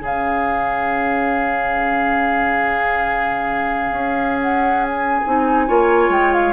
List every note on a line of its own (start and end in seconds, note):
0.00 3.90 C#3
0.00 5.24 C#4
0.00 5.66 G#4
0.00 4.40 F5
3.90 5.21 C#4
4.40 4.84 F#5
4.84 6.12 G#5
5.26 5.68 C4
5.26 5.68 D#4
5.67 6.09 A#3
5.67 6.53 F4
5.67 6.53 C#5
6.09 6.52 G#3
6.09 6.33 G5
6.33 6.53 F5